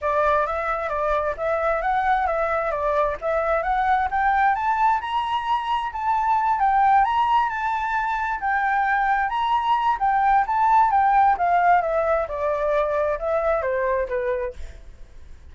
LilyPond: \new Staff \with { instrumentName = "flute" } { \time 4/4 \tempo 4 = 132 d''4 e''4 d''4 e''4 | fis''4 e''4 d''4 e''4 | fis''4 g''4 a''4 ais''4~ | ais''4 a''4. g''4 ais''8~ |
ais''8 a''2 g''4.~ | g''8 ais''4. g''4 a''4 | g''4 f''4 e''4 d''4~ | d''4 e''4 c''4 b'4 | }